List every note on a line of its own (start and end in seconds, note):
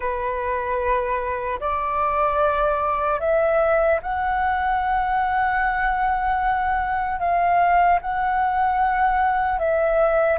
0.00 1.59 B4
1.60 3.20 D5
3.20 4.00 E5
4.02 7.19 F#5
7.19 7.99 F5
8.01 9.59 F#5
9.59 10.39 E5